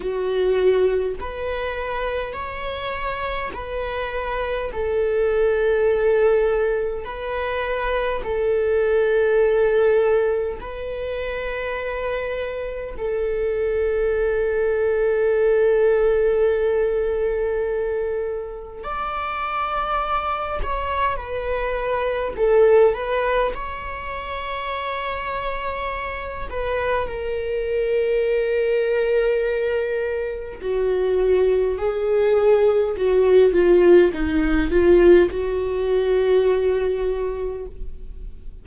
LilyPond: \new Staff \with { instrumentName = "viola" } { \time 4/4 \tempo 4 = 51 fis'4 b'4 cis''4 b'4 | a'2 b'4 a'4~ | a'4 b'2 a'4~ | a'1 |
d''4. cis''8 b'4 a'8 b'8 | cis''2~ cis''8 b'8 ais'4~ | ais'2 fis'4 gis'4 | fis'8 f'8 dis'8 f'8 fis'2 | }